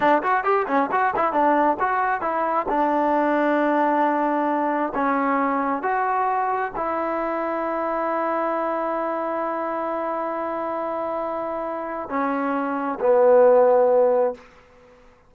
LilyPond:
\new Staff \with { instrumentName = "trombone" } { \time 4/4 \tempo 4 = 134 d'8 fis'8 g'8 cis'8 fis'8 e'8 d'4 | fis'4 e'4 d'2~ | d'2. cis'4~ | cis'4 fis'2 e'4~ |
e'1~ | e'1~ | e'2. cis'4~ | cis'4 b2. | }